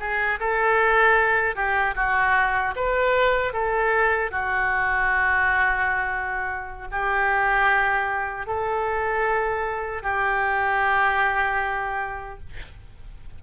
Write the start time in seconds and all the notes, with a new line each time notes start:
0.00 G#4
0.40 A4
1.55 G4
1.96 F#4
2.76 B4
3.53 A4
4.31 F#4
6.92 G4
8.47 A4
10.03 G4